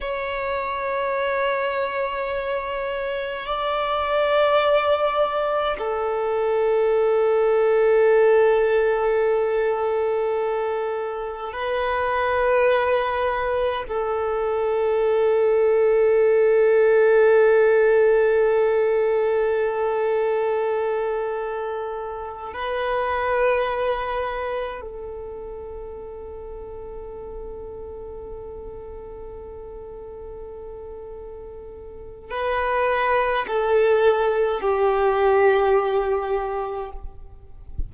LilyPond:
\new Staff \with { instrumentName = "violin" } { \time 4/4 \tempo 4 = 52 cis''2. d''4~ | d''4 a'2.~ | a'2 b'2 | a'1~ |
a'2.~ a'8 b'8~ | b'4. a'2~ a'8~ | a'1 | b'4 a'4 g'2 | }